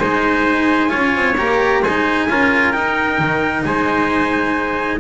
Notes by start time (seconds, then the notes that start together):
0.00 G#3 D#4 C5 G#5
0.89 C#4 F4 C#5
1.16 C4
1.38 A#3 G4 A#5
1.82 G#3 D#4 C5 G#5
2.30 C#4 F4 A#4
2.72 D#4 G5
3.19 D#3
3.64 G#3 C5 G#5